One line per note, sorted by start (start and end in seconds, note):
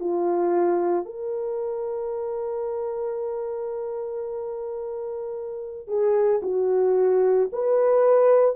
0.00 1.05 F4
1.05 5.87 A#4
5.87 6.41 G#4
6.42 7.49 F#4
7.52 8.55 B4